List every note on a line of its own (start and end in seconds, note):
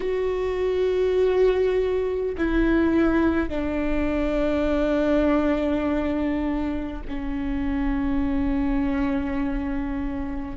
0.00 2.35 F#4
2.37 3.49 E4
3.49 7.02 D4
7.08 10.57 C#4